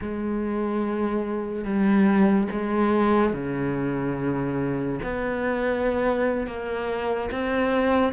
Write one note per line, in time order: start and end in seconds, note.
0.01 1.64 G#3
1.64 2.47 G3
2.51 3.33 G#3
3.33 4.99 C#3
5.03 6.46 B3
6.46 7.30 A#3
7.31 8.12 C4